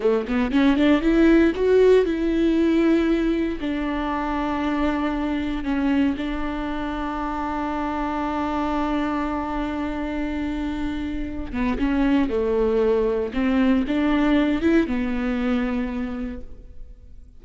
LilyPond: \new Staff \with { instrumentName = "viola" } { \time 4/4 \tempo 4 = 117 a8 b8 cis'8 d'8 e'4 fis'4 | e'2. d'4~ | d'2. cis'4 | d'1~ |
d'1~ | d'2~ d'8 b8 cis'4 | a2 c'4 d'4~ | d'8 e'8 b2. | }